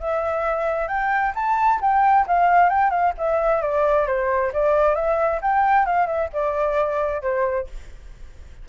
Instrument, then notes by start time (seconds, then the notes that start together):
flute
0.00 E5
0.88 G5
1.35 A5
1.81 G5
2.27 F5
2.70 G5
2.91 F5
3.18 E5
3.62 D5
4.07 C5
4.54 D5
4.96 E5
5.42 G5
5.86 F5
6.07 E5
6.33 D5
7.22 C5